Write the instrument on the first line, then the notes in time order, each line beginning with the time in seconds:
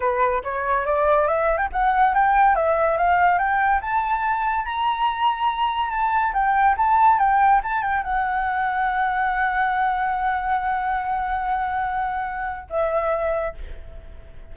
flute
0.00 B4
0.43 C#5
0.85 D5
1.27 E5
1.57 G5
1.72 F#5
2.14 G5
2.55 E5
2.97 F5
3.38 G5
3.81 A5
4.65 A#5
5.90 A5
6.33 G5
6.77 A5
7.18 G5
7.63 A5
7.82 G5
8.03 F#5
12.69 E5